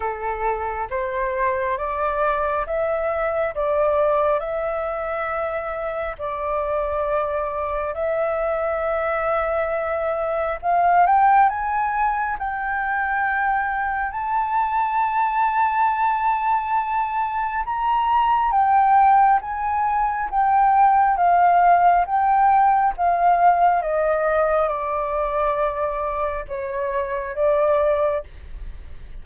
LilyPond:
\new Staff \with { instrumentName = "flute" } { \time 4/4 \tempo 4 = 68 a'4 c''4 d''4 e''4 | d''4 e''2 d''4~ | d''4 e''2. | f''8 g''8 gis''4 g''2 |
a''1 | ais''4 g''4 gis''4 g''4 | f''4 g''4 f''4 dis''4 | d''2 cis''4 d''4 | }